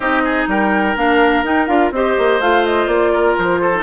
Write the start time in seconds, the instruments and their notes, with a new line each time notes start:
0.00 bassoon C4, clarinet D#4, oboe G4, flute D#5
0.24 oboe G#4
0.47 bassoon G3, oboe A#4, flute G5
0.96 bassoon A#3, clarinet D4, flute F5
1.43 bassoon D#4, clarinet D#4, flute G5
1.67 bassoon D4, clarinet F4, flute F5
1.91 bassoon C4, clarinet G4, oboe C5, flute D#5
2.18 bassoon A#3
2.40 bassoon A3, clarinet F4, flute F5
2.65 flute D#5
2.87 bassoon A#3, flute D5
3.12 oboe A#4
3.38 bassoon F3, flute C5
3.60 oboe A4
3.74 clarinet D#4